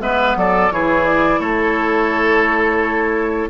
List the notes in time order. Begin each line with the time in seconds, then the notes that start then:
0.00 G#3 B3 B4 E5
0.36 F#3 A4 D5
0.71 E3 E4 G#4 C#5
1.06 D5
1.39 A3 A4 C#5